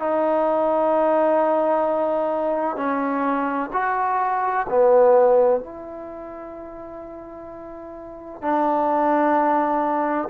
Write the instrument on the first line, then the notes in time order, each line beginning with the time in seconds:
trombone
0.00 D#4
2.77 C#4
3.73 F#4
4.70 B3
5.61 E4
8.42 D4